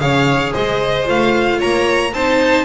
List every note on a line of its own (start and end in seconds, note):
0.00 0.54 C#3
0.00 1.05 G#4
0.00 0.53 C#5
0.00 0.53 F5
0.53 1.09 G#3
0.53 1.58 C5
0.53 1.07 D#5
1.05 1.62 A3
1.05 2.11 F4
1.05 1.61 F5
1.58 2.13 A#3
1.58 2.11 C#5
1.58 2.14 A#5
2.13 2.65 C4
2.13 2.65 D#4
2.13 2.65 C5
2.13 2.65 A5